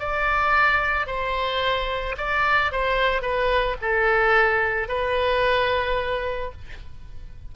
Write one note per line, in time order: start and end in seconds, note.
0.00 1.07 D5
1.07 2.16 C5
2.18 2.72 D5
2.72 3.22 C5
3.22 3.77 B4
3.82 4.89 A4
4.89 6.52 B4